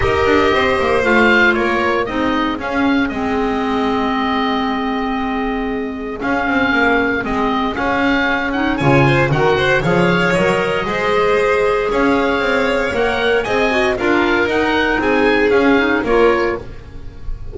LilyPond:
<<
  \new Staff \with { instrumentName = "oboe" } { \time 4/4 \tempo 4 = 116 dis''2 f''4 cis''4 | dis''4 f''4 dis''2~ | dis''1 | f''2 dis''4 f''4~ |
f''8 fis''8 gis''4 fis''4 f''4 | dis''2. f''4~ | f''4 fis''4 gis''4 f''4 | fis''4 gis''4 f''4 cis''4 | }
  \new Staff \with { instrumentName = "violin" } { \time 4/4 ais'4 c''2 ais'4 | gis'1~ | gis'1~ | gis'1~ |
gis'4 cis''8 c''8 ais'8 c''8 cis''4~ | cis''4 c''2 cis''4~ | cis''2 dis''4 ais'4~ | ais'4 gis'2 ais'4 | }
  \new Staff \with { instrumentName = "clarinet" } { \time 4/4 g'2 f'2 | dis'4 cis'4 c'2~ | c'1 | cis'2 c'4 cis'4~ |
cis'8 dis'8 f'4 fis'4 gis'4 | ais'4 gis'2.~ | gis'4 ais'4 gis'8 fis'8 f'4 | dis'2 cis'8 dis'8 f'4 | }
  \new Staff \with { instrumentName = "double bass" } { \time 4/4 dis'8 d'8 c'8 ais8 a4 ais4 | c'4 cis'4 gis2~ | gis1 | cis'8 c'8 ais4 gis4 cis'4~ |
cis'4 cis4 dis4 f4 | fis4 gis2 cis'4 | c'4 ais4 c'4 d'4 | dis'4 c'4 cis'4 ais4 | }
>>